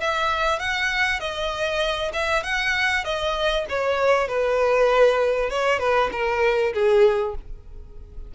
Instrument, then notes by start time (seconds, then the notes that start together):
violin
0.00 E5
0.59 F#5
1.20 D#5
2.13 E5
2.43 F#5
3.04 D#5
3.69 C#5
4.28 B4
5.50 C#5
5.79 B4
6.12 A#4
6.73 G#4